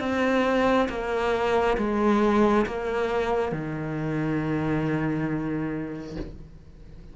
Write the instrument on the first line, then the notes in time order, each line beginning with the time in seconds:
cello
0.00 C4
0.89 A#3
1.78 G#3
2.67 A#3
3.52 D#3